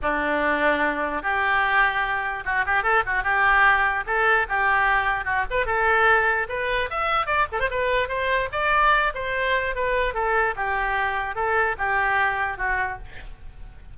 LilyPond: \new Staff \with { instrumentName = "oboe" } { \time 4/4 \tempo 4 = 148 d'2. g'4~ | g'2 fis'8 g'8 a'8 fis'8 | g'2 a'4 g'4~ | g'4 fis'8 b'8 a'2 |
b'4 e''4 d''8 a'16 c''16 b'4 | c''4 d''4. c''4. | b'4 a'4 g'2 | a'4 g'2 fis'4 | }